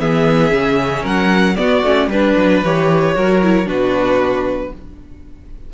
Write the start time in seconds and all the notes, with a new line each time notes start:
0.00 E3 B3 G#4 E5
0.50 C#3 C#4
1.03 F#3 A#4 F#5
1.57 B3 F#4 D5
1.83 A3 C#4
2.08 G3 D4 B4
2.37 F#3
2.63 E3 G4 C#5
3.15 F#3 F#4 A#4
3.43 E4
3.66 B2 D4 F#4 B4